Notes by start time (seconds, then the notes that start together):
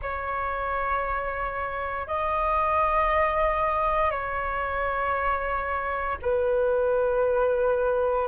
0.01 C#5
2.07 D#5
4.11 C#5
6.22 B4